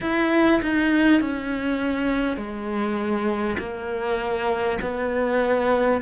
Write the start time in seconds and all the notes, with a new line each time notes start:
0.00 E4
0.62 D#4
1.21 C#4
2.36 G#3
3.58 A#3
4.81 B3